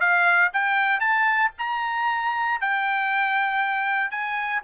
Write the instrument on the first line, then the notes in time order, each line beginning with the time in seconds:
trumpet
0.00 F5
0.53 G5
1.00 A5
1.58 A#5
2.61 G5
4.11 G#5